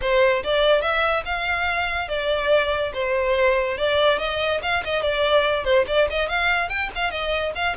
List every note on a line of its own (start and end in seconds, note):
0.01 0.43 C5
0.43 0.81 D5
0.81 1.23 E5
1.25 2.08 F5
2.08 2.92 D5
2.93 3.77 C5
3.77 4.18 D5
4.18 4.60 D#5
4.62 4.83 F5
4.84 5.02 D#5
5.02 5.64 D5
5.64 5.85 C5
5.87 6.08 D5
6.09 6.28 D#5
6.28 6.69 F5
6.69 6.90 G5
6.95 7.10 F5
7.10 7.52 D#5
7.55 7.76 F5